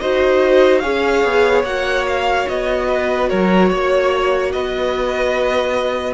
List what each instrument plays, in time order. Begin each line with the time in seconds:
0.00 cello D#4, viola F#4, violin C5 D#5
0.79 cello C#4, viola G#4, violin C#5 F5
1.24 cello B3
1.64 cello A#3, viola F#4, violin F#5
2.07 violin F5
2.48 cello B3, violin D#5
2.89 violin B4
3.29 cello F#3, violin A#4 C#5
3.69 cello A#3, violin C#5
4.52 cello B3, violin B4 D#5